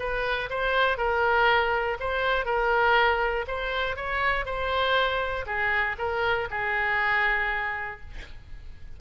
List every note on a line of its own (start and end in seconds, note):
0.00 0.50 B4
0.50 0.98 C5
0.98 1.98 A#4
2.00 2.46 C5
2.46 3.46 A#4
3.48 3.97 C5
3.97 4.46 C#5
4.46 5.46 C5
5.46 5.96 G#4
5.99 6.49 A#4
6.51 8.01 G#4